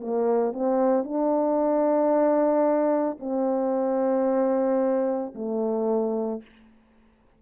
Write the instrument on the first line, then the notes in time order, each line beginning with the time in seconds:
horn
0.00 A#3
0.53 C4
1.03 D4
3.19 C4
5.35 A3